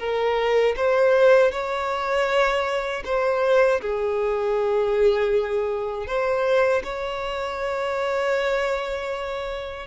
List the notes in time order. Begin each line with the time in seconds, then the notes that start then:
0.00 A#4
0.77 C5
1.52 C#5
3.06 C5
3.81 G#4
6.07 C5
6.84 C#5